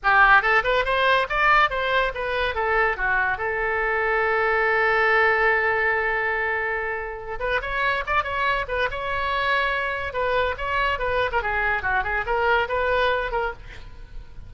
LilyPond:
\new Staff \with { instrumentName = "oboe" } { \time 4/4 \tempo 4 = 142 g'4 a'8 b'8 c''4 d''4 | c''4 b'4 a'4 fis'4 | a'1~ | a'1~ |
a'4. b'8 cis''4 d''8 cis''8~ | cis''8 b'8 cis''2. | b'4 cis''4 b'8. ais'16 gis'4 | fis'8 gis'8 ais'4 b'4. ais'8 | }